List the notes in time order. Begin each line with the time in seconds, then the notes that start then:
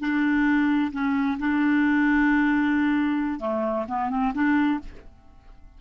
0.00 D4
0.92 C#4
1.39 D4
3.40 A3
3.88 B3
4.10 C4
4.34 D4